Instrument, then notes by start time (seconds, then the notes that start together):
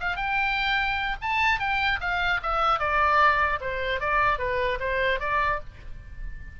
oboe
0.00 F5
0.16 G5
1.21 A5
1.59 G5
2.00 F5
2.42 E5
2.79 D5
3.60 C5
4.00 D5
4.38 B4
4.79 C5
5.20 D5